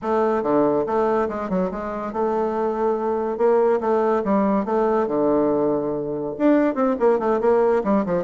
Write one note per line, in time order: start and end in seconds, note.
0.02 0.42 A3
0.42 0.85 D3
0.86 1.28 A3
1.28 1.49 G#3
1.49 1.70 F#3
1.71 2.12 G#3
2.12 3.37 A3
3.37 3.80 A#3
3.80 4.22 A3
4.24 4.65 G3
4.65 5.07 A3
5.07 6.34 D3
6.38 6.74 D4
6.74 6.95 C4
6.99 7.19 A#3
7.19 7.40 A3
7.40 7.82 A#3
7.84 8.05 G3
8.05 8.24 F3